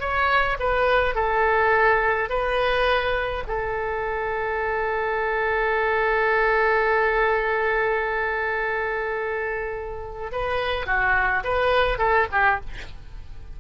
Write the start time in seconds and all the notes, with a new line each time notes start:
0.00 C#5
0.59 B4
1.15 A4
2.29 B4
3.47 A4
10.32 B4
10.86 F#4
11.44 B4
11.98 A4
12.32 G4